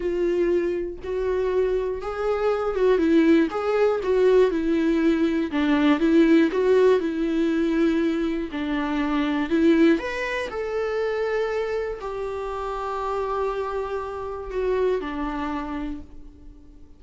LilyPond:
\new Staff \with { instrumentName = "viola" } { \time 4/4 \tempo 4 = 120 f'2 fis'2 | gis'4. fis'8 e'4 gis'4 | fis'4 e'2 d'4 | e'4 fis'4 e'2~ |
e'4 d'2 e'4 | b'4 a'2. | g'1~ | g'4 fis'4 d'2 | }